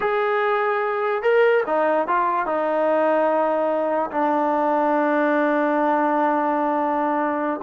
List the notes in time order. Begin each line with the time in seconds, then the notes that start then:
0.00 G#4
1.22 A#4
1.66 D#4
2.07 F4
2.46 D#4
4.11 D4